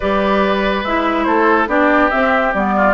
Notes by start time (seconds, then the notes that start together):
0.00 G3 G4 B4 D5
0.83 G#3 E4 E5
1.23 A3 A4 C5
1.67 B3 D4 G4 D5
2.10 C4 E5
2.53 G3 B3 D5
2.76 F4